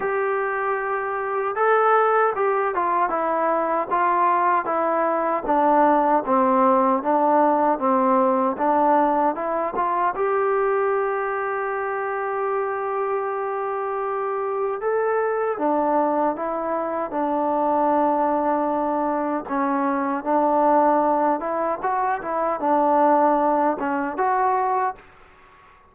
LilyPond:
\new Staff \with { instrumentName = "trombone" } { \time 4/4 \tempo 4 = 77 g'2 a'4 g'8 f'8 | e'4 f'4 e'4 d'4 | c'4 d'4 c'4 d'4 | e'8 f'8 g'2.~ |
g'2. a'4 | d'4 e'4 d'2~ | d'4 cis'4 d'4. e'8 | fis'8 e'8 d'4. cis'8 fis'4 | }